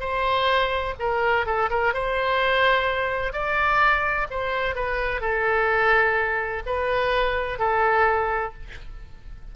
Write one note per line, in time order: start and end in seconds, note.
0.00 0.94 C5
0.99 1.46 A#4
1.46 1.70 A4
1.70 1.94 A#4
1.94 3.33 C5
3.33 4.27 D5
4.31 4.75 C5
4.75 5.21 B4
5.21 6.63 A4
6.66 7.59 B4
7.59 8.53 A4